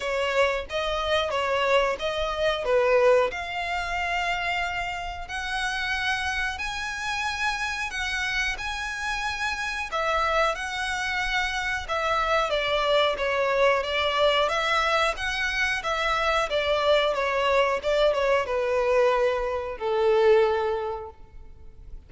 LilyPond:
\new Staff \with { instrumentName = "violin" } { \time 4/4 \tempo 4 = 91 cis''4 dis''4 cis''4 dis''4 | b'4 f''2. | fis''2 gis''2 | fis''4 gis''2 e''4 |
fis''2 e''4 d''4 | cis''4 d''4 e''4 fis''4 | e''4 d''4 cis''4 d''8 cis''8 | b'2 a'2 | }